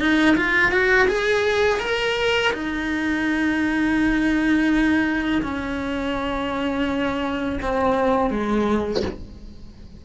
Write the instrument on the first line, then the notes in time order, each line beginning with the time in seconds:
cello
0.00 D#4
0.37 F4
0.72 F#4
1.08 G#4
1.80 A#4
2.53 D#4
5.42 C#4
7.62 C4
8.31 G#3